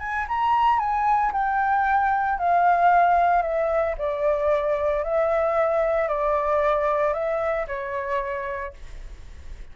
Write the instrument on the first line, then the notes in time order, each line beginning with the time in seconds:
flute
0.00 G#5
0.28 A#5
0.79 G#5
1.33 G5
2.39 F5
3.42 E5
3.98 D5
5.04 E5
6.08 D5
7.13 E5
7.67 C#5